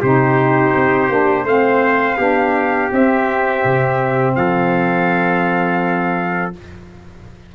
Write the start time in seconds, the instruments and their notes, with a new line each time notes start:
0.00 tuba C3, saxophone D#4, trumpet G4 C5
0.75 tuba C4
1.09 tuba A#3, saxophone D4
1.44 tuba A3, saxophone C4, trumpet C5 F5
2.17 tuba B3, saxophone D4, trumpet G4
2.91 saxophone C4, tuba C4, trumpet E5
3.64 tuba C3
4.35 tuba F3, trumpet A4 F5